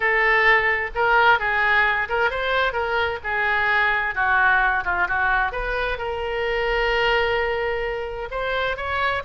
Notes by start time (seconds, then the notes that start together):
0.00 A4
0.94 A#4
1.39 G#4
2.09 A#4
2.30 C5
2.72 A#4
3.23 G#4
4.14 F#4
4.84 F4
5.07 F#4
5.52 B4
5.98 A#4
8.31 C5
8.76 C#5